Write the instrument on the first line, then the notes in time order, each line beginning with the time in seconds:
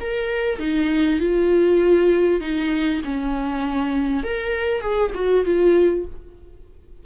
viola
0.00 A#4
0.59 D#4
1.20 F4
2.41 D#4
3.04 C#4
4.23 A#4
4.81 G#4
5.15 F#4
5.45 F4